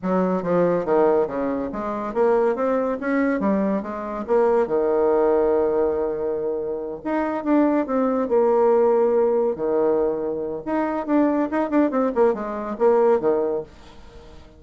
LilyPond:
\new Staff \with { instrumentName = "bassoon" } { \time 4/4 \tempo 4 = 141 fis4 f4 dis4 cis4 | gis4 ais4 c'4 cis'4 | g4 gis4 ais4 dis4~ | dis1~ |
dis8 dis'4 d'4 c'4 ais8~ | ais2~ ais8 dis4.~ | dis4 dis'4 d'4 dis'8 d'8 | c'8 ais8 gis4 ais4 dis4 | }